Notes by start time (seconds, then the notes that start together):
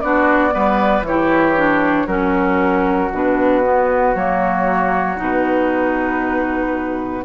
0.00 B3 D4 F#4 D5
0.51 G3 B3 B4
1.02 E3 C#5
1.08 E4 G4
1.56 D4
2.06 F#3 C#4 F#4 A#4
3.11 B2 D4 B4
3.63 B3
4.15 F#3 A#3 C#5
5.16 B2 D#4
5.22 B4